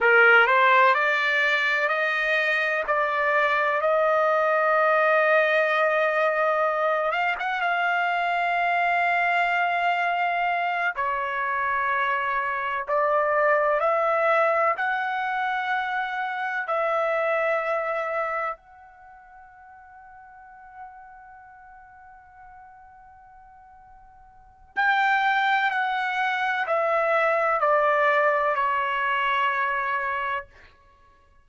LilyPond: \new Staff \with { instrumentName = "trumpet" } { \time 4/4 \tempo 4 = 63 ais'8 c''8 d''4 dis''4 d''4 | dis''2.~ dis''8 f''16 fis''16 | f''2.~ f''8 cis''8~ | cis''4. d''4 e''4 fis''8~ |
fis''4. e''2 fis''8~ | fis''1~ | fis''2 g''4 fis''4 | e''4 d''4 cis''2 | }